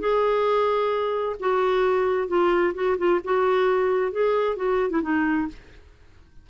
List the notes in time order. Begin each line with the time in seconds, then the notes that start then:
0.00 G#4
1.40 F#4
2.28 F4
2.74 F#4
2.98 F4
3.25 F#4
4.12 G#4
4.56 F#4
4.90 E4
5.02 D#4